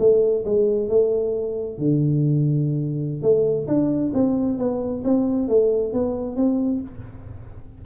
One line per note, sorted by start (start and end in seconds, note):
0.00 0.45 A3
0.45 0.89 G#3
0.89 1.79 A3
1.79 3.23 D3
3.23 3.67 A3
3.68 4.13 D4
4.14 4.59 C4
4.59 5.03 B3
5.05 5.49 C4
5.49 5.93 A3
5.93 6.37 B3
6.37 6.81 C4